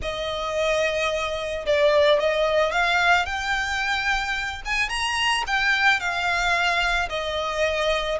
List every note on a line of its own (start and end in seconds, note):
0.02 1.65 D#5
1.66 2.19 D5
2.19 2.71 D#5
2.71 3.25 F5
3.25 4.62 G5
4.65 4.89 G#5
4.89 5.43 A#5
5.47 6.00 G5
6.00 7.09 F5
7.09 8.18 D#5